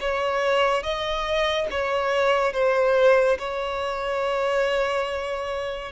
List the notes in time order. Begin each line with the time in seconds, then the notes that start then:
0.00 C#5
0.83 D#5
1.71 C#5
2.53 C5
3.38 C#5